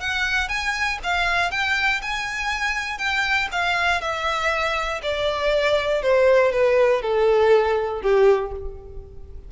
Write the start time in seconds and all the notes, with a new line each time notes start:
0.00 F#5
0.48 G#5
1.03 F5
1.51 G5
2.02 G#5
2.98 G5
3.52 F5
4.01 E5
5.02 D5
6.02 C5
6.51 B4
7.01 A4
8.01 G4